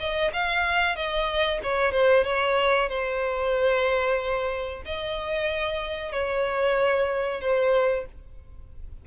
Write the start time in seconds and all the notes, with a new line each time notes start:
0.00 D#5
0.34 F5
0.96 D#5
1.64 C#5
1.92 C5
2.25 C#5
2.89 C5
4.86 D#5
6.13 C#5
7.41 C5